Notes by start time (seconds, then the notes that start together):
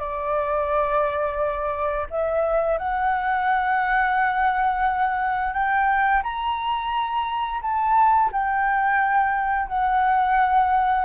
0.00 D5
2.11 E5
2.78 F#5
5.54 G5
6.23 A#5
7.62 A5
8.33 G5
9.68 F#5